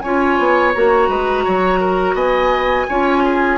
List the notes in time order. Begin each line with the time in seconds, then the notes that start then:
0.00 C#4 F4 C#5 G#5
0.39 B3
0.74 A#3 F#4 A#5
1.09 G#3 B4
1.44 F#3 C#5
1.81 A#4
2.14 B3 D#5 G#5
2.89 C#4 F4 C#5
3.23 G#4